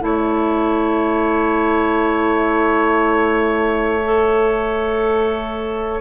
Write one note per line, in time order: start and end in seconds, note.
0.00 6.01 A3
0.00 4.00 E4
0.00 6.01 C#5
0.00 6.01 E5
4.05 6.01 A4